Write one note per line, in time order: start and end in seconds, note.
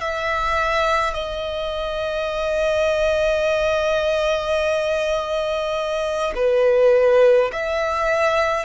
0.00 1.13 E5
1.13 6.33 D#5
6.35 7.51 B4
7.52 8.65 E5